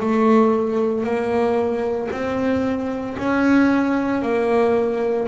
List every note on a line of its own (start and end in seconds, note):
0.00 1.03 A3
1.03 2.09 A#3
2.11 3.16 C4
3.17 4.22 C#4
4.22 5.27 A#3